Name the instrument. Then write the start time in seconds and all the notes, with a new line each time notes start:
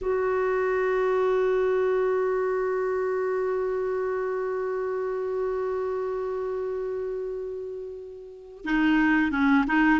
clarinet
0.01 F#4
8.65 D#4
9.31 C#4
9.67 D#4